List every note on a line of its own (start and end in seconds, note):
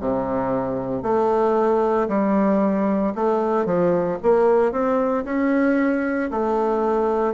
0.00 1.02 C3
1.02 2.08 A3
2.08 3.13 G3
3.15 3.65 A3
3.65 4.18 F3
4.22 4.72 A#3
4.72 5.24 C4
5.24 6.30 C#4
6.31 7.34 A3